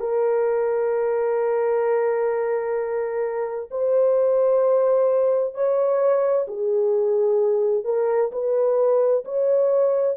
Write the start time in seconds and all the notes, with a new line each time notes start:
0.00 A#4
3.71 C5
5.55 C#5
6.48 G#4
7.85 A#4
8.32 B4
9.25 C#5